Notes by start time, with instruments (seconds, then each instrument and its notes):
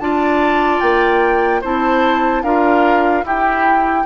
0.00 bassoon D4, clarinet F4, oboe D5, flute A5
0.81 bassoon A#3, flute G5
1.62 bassoon C4, clarinet E4, oboe C5, flute A5
2.43 bassoon D4, clarinet F4, oboe A#4, flute F5
3.24 bassoon E4, clarinet E4, oboe G4, flute G5